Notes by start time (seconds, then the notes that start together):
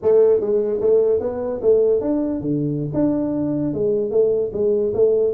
0.02 A3
0.40 G#3
0.81 A3
1.20 B3
1.61 A3
2.00 D4
2.40 D3
2.93 D4
3.73 G#3
4.11 A3
4.53 G#3
4.93 A3